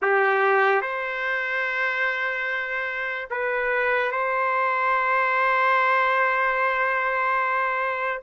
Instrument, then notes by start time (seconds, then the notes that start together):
trumpet
0.01 G4
0.81 C5
3.30 B4
4.11 C5